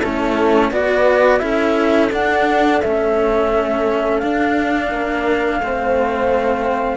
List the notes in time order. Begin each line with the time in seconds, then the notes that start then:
0.00 A3 C#4 E4 A4
0.71 B3 F#4 B4 D5
1.38 C#4 E4 A4 E5
2.11 D4 F#5
2.81 A3 C#4 E5
4.18 D4 F5
4.89 A#3 A#4
5.60 A3 C4 C5